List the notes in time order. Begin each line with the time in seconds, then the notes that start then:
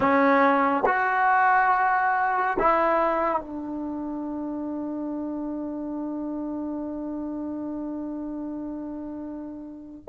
0.00 C#4
0.86 F#4
2.59 E4
3.41 D4